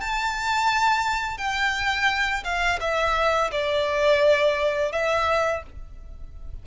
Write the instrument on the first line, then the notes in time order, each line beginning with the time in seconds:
violin
0.00 A5
1.37 G5
2.44 F5
2.80 E5
3.51 D5
4.92 E5